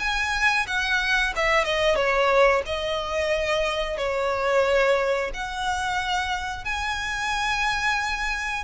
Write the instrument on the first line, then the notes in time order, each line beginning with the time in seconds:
violin
0.00 G#5
0.67 F#5
1.36 E5
1.65 D#5
1.96 C#5
2.66 D#5
3.98 C#5
5.34 F#5
6.65 G#5